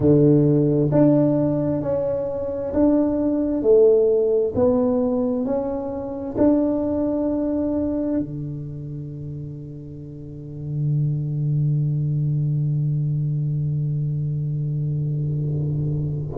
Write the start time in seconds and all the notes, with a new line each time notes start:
0.00 D3
0.91 D4
1.82 C#4
2.73 D4
3.62 A3
4.55 B3
5.45 C#4
6.37 D4
8.19 D3